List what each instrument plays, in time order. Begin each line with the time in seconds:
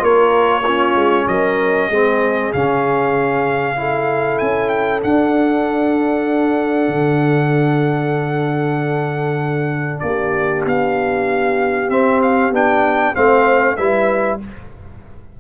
0.00 tuba A#3, trombone F4, horn A#4, trumpet C#5
0.63 trombone C#4, horn F4
0.95 tuba G#3
1.28 tuba F#3, horn A#4, trumpet D#5
1.89 tuba G#3, trombone C4, horn G#4
2.53 tuba C#3, trombone C#4, trumpet F5
3.76 trombone E4, horn A4
4.39 tuba C#4, trumpet G#5
4.69 trumpet G5
5.01 trombone D4, tuba D4, trumpet F#5
6.88 tuba D3
10.00 tuba A#3, horn G4, trumpet D5
10.66 tuba B3, trumpet F5
11.90 tuba C4, trombone C4, trumpet E5
12.22 trumpet F5
12.51 tuba B3, trombone D4, trumpet G5
13.15 tuba A3, trombone C4, horn C5, trumpet F5
13.77 tuba G3, trombone E4, horn B4, trumpet E5